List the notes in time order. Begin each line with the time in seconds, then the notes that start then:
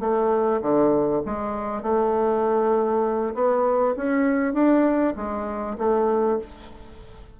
0.00 A3
0.61 D3
1.26 G#3
1.82 A3
3.34 B3
3.96 C#4
4.53 D4
5.16 G#3
5.78 A3